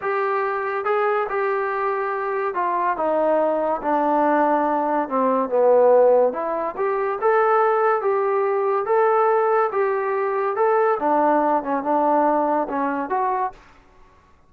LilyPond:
\new Staff \with { instrumentName = "trombone" } { \time 4/4 \tempo 4 = 142 g'2 gis'4 g'4~ | g'2 f'4 dis'4~ | dis'4 d'2. | c'4 b2 e'4 |
g'4 a'2 g'4~ | g'4 a'2 g'4~ | g'4 a'4 d'4. cis'8 | d'2 cis'4 fis'4 | }